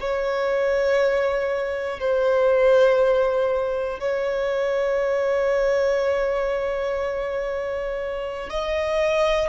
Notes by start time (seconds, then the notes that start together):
0.00 C#5
1.99 C5
3.99 C#5
8.49 D#5